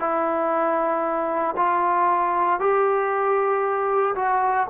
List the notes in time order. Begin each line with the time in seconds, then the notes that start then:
0.00 E4
1.57 F4
2.60 G4
4.15 F#4